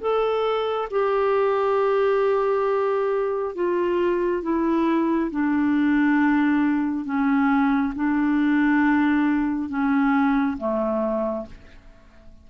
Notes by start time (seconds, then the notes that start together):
0.00 A4
0.91 G4
3.55 F4
4.43 E4
5.31 D4
7.05 C#4
7.96 D4
9.69 C#4
10.58 A3